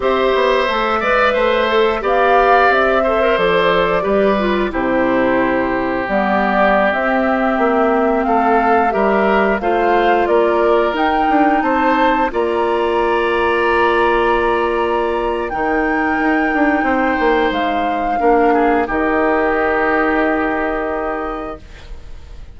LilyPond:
<<
  \new Staff \with { instrumentName = "flute" } { \time 4/4 \tempo 4 = 89 e''2. f''4 | e''4 d''2 c''4~ | c''4 d''4~ d''16 e''4.~ e''16~ | e''16 f''4 e''4 f''4 d''8.~ |
d''16 g''4 a''4 ais''4.~ ais''16~ | ais''2. g''4~ | g''2 f''2 | dis''1 | }
  \new Staff \with { instrumentName = "oboe" } { \time 4/4 c''4. d''8 c''4 d''4~ | d''8 c''4. b'4 g'4~ | g'1~ | g'16 a'4 ais'4 c''4 ais'8.~ |
ais'4~ ais'16 c''4 d''4.~ d''16~ | d''2. ais'4~ | ais'4 c''2 ais'8 gis'8 | g'1 | }
  \new Staff \with { instrumentName = "clarinet" } { \time 4/4 g'4 a'8 b'4 a'8 g'4~ | g'8 a'16 ais'16 a'4 g'8 f'8 e'4~ | e'4 b4~ b16 c'4.~ c'16~ | c'4~ c'16 g'4 f'4.~ f'16~ |
f'16 dis'2 f'4.~ f'16~ | f'2. dis'4~ | dis'2. d'4 | dis'1 | }
  \new Staff \with { instrumentName = "bassoon" } { \time 4/4 c'8 b8 a8 gis8 a4 b4 | c'4 f4 g4 c4~ | c4 g4~ g16 c'4 ais8.~ | ais16 a4 g4 a4 ais8.~ |
ais16 dis'8 d'8 c'4 ais4.~ ais16~ | ais2. dis4 | dis'8 d'8 c'8 ais8 gis4 ais4 | dis1 | }
>>